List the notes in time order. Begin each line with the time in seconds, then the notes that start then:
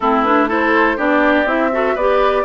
0.00 A3 C4 E4 A4
0.22 D4 B4
0.48 E4 A4 C5
0.96 B3 D4 G4 D5
1.45 C4 E4 E5
1.72 F#4 A4
1.94 B3 G4 B4 D5